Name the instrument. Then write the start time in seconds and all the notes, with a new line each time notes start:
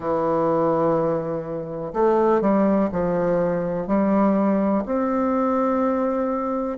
bassoon
0.00 E3
1.93 A3
2.41 G3
2.92 F3
3.87 G3
4.85 C4